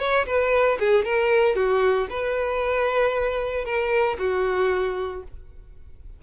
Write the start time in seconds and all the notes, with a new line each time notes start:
0.00 C#5
0.27 B4
0.80 G#4
1.05 A#4
1.56 F#4
2.10 B4
3.65 A#4
4.19 F#4